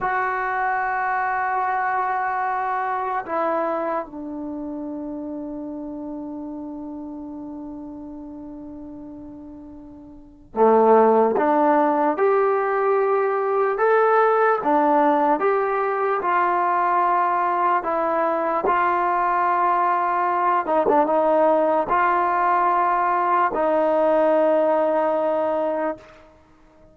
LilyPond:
\new Staff \with { instrumentName = "trombone" } { \time 4/4 \tempo 4 = 74 fis'1 | e'4 d'2.~ | d'1~ | d'4 a4 d'4 g'4~ |
g'4 a'4 d'4 g'4 | f'2 e'4 f'4~ | f'4. dis'16 d'16 dis'4 f'4~ | f'4 dis'2. | }